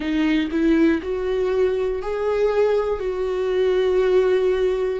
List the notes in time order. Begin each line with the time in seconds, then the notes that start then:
0.00 D#4
0.50 E4
1.02 F#4
2.02 G#4
3.00 F#4